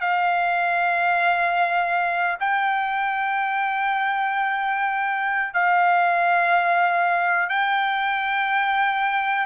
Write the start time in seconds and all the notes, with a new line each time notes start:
0.00 F5
2.40 G5
5.53 F5
7.49 G5